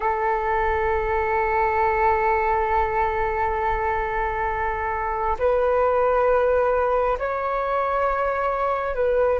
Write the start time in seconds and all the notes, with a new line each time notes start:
0.00 A4
5.39 B4
7.18 C#5
8.94 B4